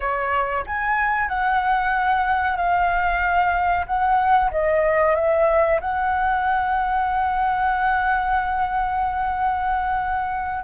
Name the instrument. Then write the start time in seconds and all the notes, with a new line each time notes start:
flute
0.00 C#5
0.66 G#5
1.28 F#5
2.56 F5
3.86 F#5
4.51 D#5
5.15 E5
5.80 F#5